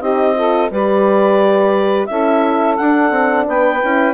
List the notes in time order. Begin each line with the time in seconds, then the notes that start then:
0.00 C4 D#4 G4 D#5
0.35 F4 A4
0.71 G3 G4 B4 D5
2.06 C#4 E4 A4 E5
2.76 D4 F#5
3.11 C4
3.47 B3 B4 G5
3.82 C#4 E4